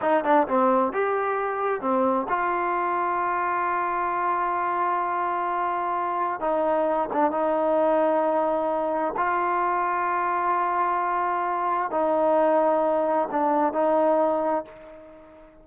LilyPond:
\new Staff \with { instrumentName = "trombone" } { \time 4/4 \tempo 4 = 131 dis'8 d'8 c'4 g'2 | c'4 f'2.~ | f'1~ | f'2 dis'4. d'8 |
dis'1 | f'1~ | f'2 dis'2~ | dis'4 d'4 dis'2 | }